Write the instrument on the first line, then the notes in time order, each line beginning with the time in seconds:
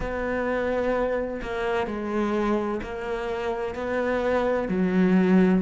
cello
0.00 B3
1.42 A#3
1.87 G#3
2.83 A#3
3.74 B3
4.68 F#3